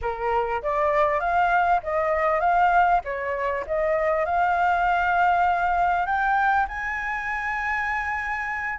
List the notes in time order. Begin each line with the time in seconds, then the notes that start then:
0.01 A#4
0.62 D5
1.20 F5
1.83 D#5
2.40 F5
3.04 C#5
3.66 D#5
4.25 F5
6.06 G5
6.68 G#5